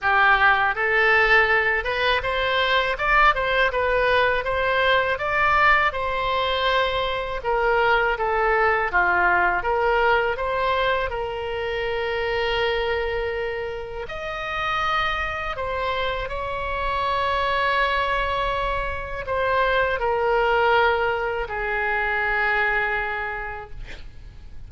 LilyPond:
\new Staff \with { instrumentName = "oboe" } { \time 4/4 \tempo 4 = 81 g'4 a'4. b'8 c''4 | d''8 c''8 b'4 c''4 d''4 | c''2 ais'4 a'4 | f'4 ais'4 c''4 ais'4~ |
ais'2. dis''4~ | dis''4 c''4 cis''2~ | cis''2 c''4 ais'4~ | ais'4 gis'2. | }